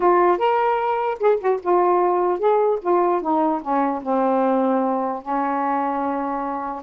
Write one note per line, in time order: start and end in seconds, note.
0.00 0.37 F4
0.37 1.17 A#4
1.19 1.39 G#4
1.40 1.60 F#4
1.62 2.39 F4
2.39 2.79 G#4
2.81 3.21 F4
3.21 3.61 D#4
3.62 4.02 C#4
4.02 5.22 C4
5.22 6.82 C#4